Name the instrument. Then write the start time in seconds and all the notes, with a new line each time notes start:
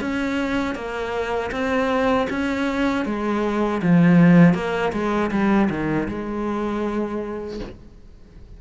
cello
0.00 C#4
0.75 A#3
1.51 C4
2.30 C#4
3.05 G#3
3.82 F3
4.54 A#3
4.92 G#3
5.31 G3
5.70 D#3
6.08 G#3